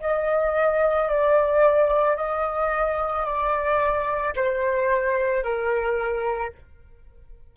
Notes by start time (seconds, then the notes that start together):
0.00 D#5
1.09 D5
2.16 D#5
3.25 D5
4.35 C5
5.43 A#4